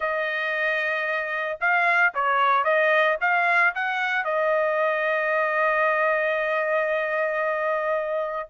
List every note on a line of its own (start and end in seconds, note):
0.00 1.58 D#5
1.60 2.13 F5
2.14 2.64 C#5
2.64 3.17 D#5
3.20 3.73 F5
3.74 4.24 F#5
4.24 8.49 D#5